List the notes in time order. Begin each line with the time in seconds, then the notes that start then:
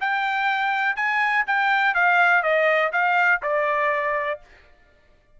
0.00 G5
0.96 G#5
1.46 G5
1.94 F5
2.42 D#5
2.92 F5
3.42 D5